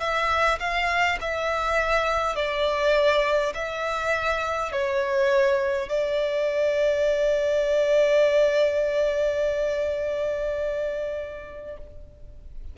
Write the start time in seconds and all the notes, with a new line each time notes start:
0.00 E5
0.59 F5
1.21 E5
2.36 D5
3.54 E5
4.72 C#5
5.89 D5